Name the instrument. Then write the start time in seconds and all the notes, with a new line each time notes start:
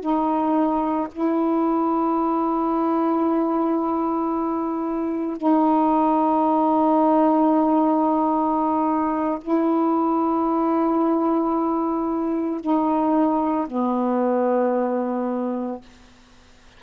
saxophone
0.00 D#4
1.12 E4
5.37 D#4
9.41 E4
12.60 D#4
13.67 B3